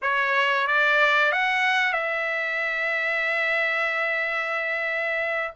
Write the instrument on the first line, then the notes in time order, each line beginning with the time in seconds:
trumpet
0.01 C#5
0.67 D5
1.32 F#5
1.92 E5